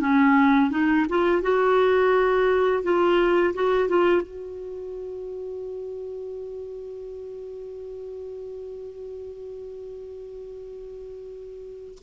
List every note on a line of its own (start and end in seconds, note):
0.00 0.71 C#4
0.71 1.06 D#4
1.09 1.42 F4
1.42 2.83 F#4
2.83 3.54 F4
3.54 3.89 F#4
3.89 4.22 F4
4.22 11.98 F#4